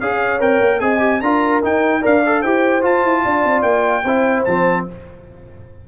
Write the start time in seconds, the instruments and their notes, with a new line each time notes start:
0.00 tuba C#4, trombone G#4, horn C#5, trumpet F5
0.40 tuba C4, trombone A#4, trumpet G5
0.60 tuba A#3
0.80 tuba C4, trombone G#4, horn D#5, trumpet G#5
0.99 trombone G4
1.21 tuba D4, trombone F4, horn A#4, trumpet A#5
1.62 trombone D#4, tuba D#4, trumpet G5
2.01 tuba D4, trombone A#4, horn D5, trumpet F5
2.26 trombone A4
2.41 tuba E4, trombone G4, horn C5, trumpet G5
2.81 trombone F4, tuba F4, trumpet A5
3.04 tuba E4
3.24 tuba D4, horn D5
3.44 tuba C4
3.62 tuba A#3, trumpet G5
4.05 tuba C4, trombone E4, horn C5
4.44 tuba F3, trombone C4, trumpet A5